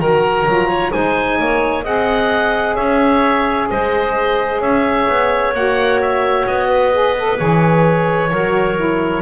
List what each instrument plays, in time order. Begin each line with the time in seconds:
0.00 double bass D#3, saxophone F#4, clarinet A#4, oboe A#5
0.46 double bass F#3, saxophone F4
0.68 clarinet C#5
0.91 double bass G#3, saxophone D#4, clarinet C5, oboe G#5
1.40 double bass A#3, clarinet C#5
1.83 double bass C4, saxophone G#4, clarinet D#5, oboe F#5
2.75 double bass C#4, clarinet C#5, oboe E5
3.70 double bass G#3, clarinet C5, oboe D#5
4.61 double bass C#4, clarinet C#5, oboe E5
5.08 double bass B3
5.54 double bass A#3, saxophone F#4, oboe F#5
6.01 oboe E5
6.47 double bass B3, oboe D#5
6.68 clarinet B4
6.92 saxophone G#4
7.18 saxophone A4
7.37 double bass E3, saxophone G#4, oboe C#5
8.31 double bass F#3, saxophone F#4, clarinet A#4
8.77 saxophone E4